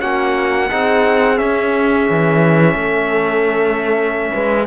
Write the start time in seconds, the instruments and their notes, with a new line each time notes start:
0.00 cello A#3, trombone C#4, horn F#4, trumpet F#5
0.70 cello C4, trombone D#4, horn G#4
1.36 trombone C#4, cello C#4, trumpet E5
2.09 cello E3
2.74 cello A3, horn A4
4.32 cello G#3, horn B4